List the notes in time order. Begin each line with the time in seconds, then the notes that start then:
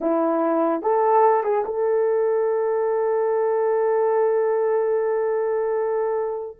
0.01 E4
0.82 A4
1.43 G#4
1.64 A4